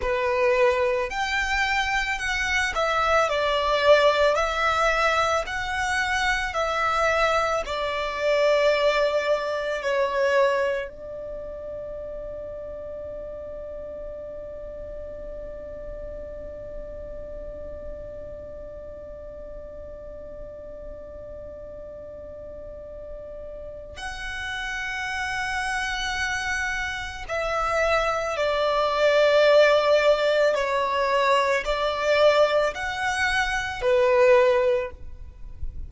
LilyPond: \new Staff \with { instrumentName = "violin" } { \time 4/4 \tempo 4 = 55 b'4 g''4 fis''8 e''8 d''4 | e''4 fis''4 e''4 d''4~ | d''4 cis''4 d''2~ | d''1~ |
d''1~ | d''2 fis''2~ | fis''4 e''4 d''2 | cis''4 d''4 fis''4 b'4 | }